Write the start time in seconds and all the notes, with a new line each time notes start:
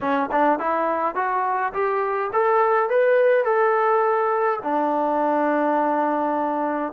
0.00 C#4
0.31 D4
0.59 E4
1.15 F#4
1.73 G4
2.32 A4
2.89 B4
3.44 A4
4.63 D4